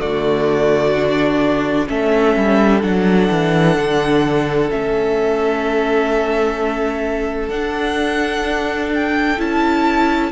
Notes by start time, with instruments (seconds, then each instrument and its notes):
0.00 cello D3, viola A3, violin F#4 D5
0.96 viola D4
1.87 cello A3, viola C#4, violin A4 E5
2.37 cello G3
2.81 cello F#3, viola D4, violin F#5
3.31 cello E3
3.78 cello D3
4.70 cello A3, viola C#4, violin E5
7.49 cello D4, viola D4, violin F#5
8.95 violin G5
9.39 cello C#4, viola E4, violin A5